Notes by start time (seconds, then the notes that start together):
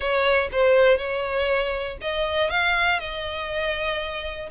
0.00 C#5
0.51 C5
0.97 C#5
2.01 D#5
2.50 F5
2.99 D#5